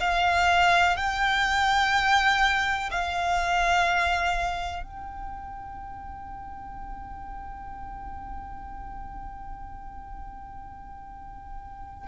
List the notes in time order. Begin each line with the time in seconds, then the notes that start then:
0.00 F5
0.97 G5
2.91 F5
4.83 G5